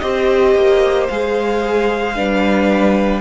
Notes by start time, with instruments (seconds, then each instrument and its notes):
0.00 cello C4, viola G4, violin C5 D#5
0.55 cello A#3
1.09 cello G#3, viola G#4, violin F5
2.16 cello G3, viola D4, violin B4